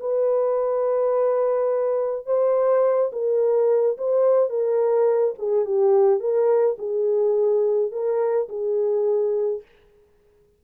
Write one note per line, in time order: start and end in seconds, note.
0.00 2.26 B4
2.26 3.11 C5
3.12 3.97 A#4
3.97 4.49 C5
4.49 5.34 A#4
5.38 5.65 G#4
5.65 6.20 G4
6.20 6.76 A#4
6.78 7.91 G#4
7.91 8.48 A#4
8.49 9.62 G#4